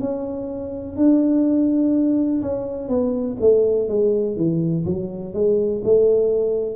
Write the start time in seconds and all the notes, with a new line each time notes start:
0.00 C#4
0.97 D4
2.42 C#4
2.89 B3
3.41 A3
3.89 G#3
4.37 E3
4.86 F#3
5.34 G#3
5.84 A3